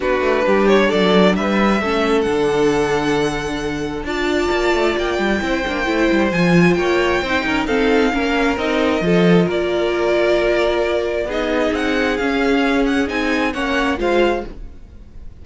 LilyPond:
<<
  \new Staff \with { instrumentName = "violin" } { \time 4/4 \tempo 4 = 133 b'4. cis''8 d''4 e''4~ | e''4 fis''2.~ | fis''4 a''2 g''4~ | g''2 gis''4 g''4~ |
g''4 f''2 dis''4~ | dis''4 d''2.~ | d''4 dis''4 fis''4 f''4~ | f''8 fis''8 gis''4 fis''4 f''4 | }
  \new Staff \with { instrumentName = "violin" } { \time 4/4 fis'4 g'4 a'4 b'4 | a'1~ | a'4 d''2. | c''2. cis''4 |
c''8 ais'8 a'4 ais'2 | a'4 ais'2.~ | ais'4 gis'2.~ | gis'2 cis''4 c''4 | }
  \new Staff \with { instrumentName = "viola" } { \time 4/4 d'1 | cis'4 d'2.~ | d'4 f'2. | e'8 d'8 e'4 f'2 |
dis'4 c'4 cis'4 dis'4 | f'1~ | f'4 dis'2 cis'4~ | cis'4 dis'4 cis'4 f'4 | }
  \new Staff \with { instrumentName = "cello" } { \time 4/4 b8 a8 g4 fis4 g4 | a4 d2.~ | d4 d'4 ais8 a8 ais8 g8 | c'8 ais8 a8 g8 f4 ais4 |
c'8 cis'8 dis'4 ais4 c'4 | f4 ais2.~ | ais4 b4 c'4 cis'4~ | cis'4 c'4 ais4 gis4 | }
>>